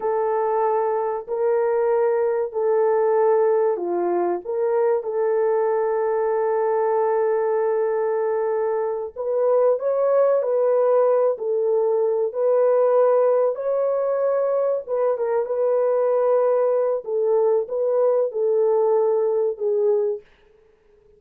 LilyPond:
\new Staff \with { instrumentName = "horn" } { \time 4/4 \tempo 4 = 95 a'2 ais'2 | a'2 f'4 ais'4 | a'1~ | a'2~ a'8 b'4 cis''8~ |
cis''8 b'4. a'4. b'8~ | b'4. cis''2 b'8 | ais'8 b'2~ b'8 a'4 | b'4 a'2 gis'4 | }